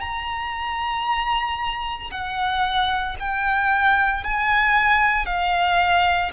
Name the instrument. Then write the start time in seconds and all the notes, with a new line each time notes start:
violin
0.00 A#5
2.11 F#5
3.19 G5
4.23 G#5
5.26 F5